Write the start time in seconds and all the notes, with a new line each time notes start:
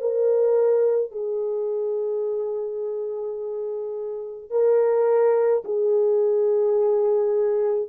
0.00 A#4
1.11 G#4
4.50 A#4
5.64 G#4